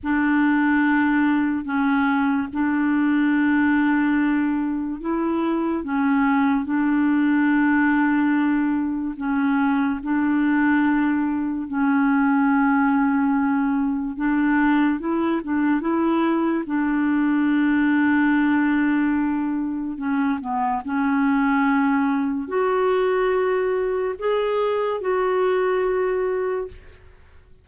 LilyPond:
\new Staff \with { instrumentName = "clarinet" } { \time 4/4 \tempo 4 = 72 d'2 cis'4 d'4~ | d'2 e'4 cis'4 | d'2. cis'4 | d'2 cis'2~ |
cis'4 d'4 e'8 d'8 e'4 | d'1 | cis'8 b8 cis'2 fis'4~ | fis'4 gis'4 fis'2 | }